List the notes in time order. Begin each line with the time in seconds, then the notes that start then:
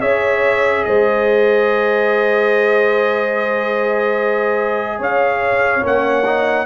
0.00 C#4 G#4 C#5 E5
0.84 G#3 C5 D#5
4.99 C#4 C#5 F5
5.82 A#3 C#4 F#5
6.25 D#4